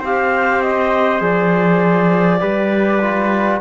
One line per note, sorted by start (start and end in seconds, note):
0.00 1.21 C4
0.00 1.20 G4
0.00 2.40 C5
0.00 0.62 F5
0.62 1.22 D#5
1.20 2.41 F3
1.20 2.40 G#4
1.20 3.61 D5
2.40 3.61 G3
2.40 3.00 G4
2.40 3.61 B4
3.02 3.61 F4